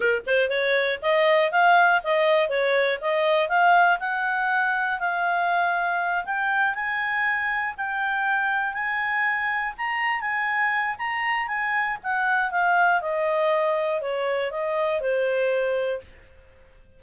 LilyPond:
\new Staff \with { instrumentName = "clarinet" } { \time 4/4 \tempo 4 = 120 ais'8 c''8 cis''4 dis''4 f''4 | dis''4 cis''4 dis''4 f''4 | fis''2 f''2~ | f''8 g''4 gis''2 g''8~ |
g''4. gis''2 ais''8~ | ais''8 gis''4. ais''4 gis''4 | fis''4 f''4 dis''2 | cis''4 dis''4 c''2 | }